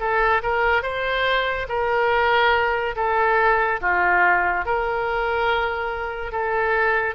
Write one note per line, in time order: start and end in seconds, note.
0.00 0.42 A4
0.43 0.83 A#4
0.83 1.67 C5
1.69 2.96 A#4
2.96 3.80 A4
3.81 4.66 F4
4.66 6.32 A#4
6.32 7.15 A4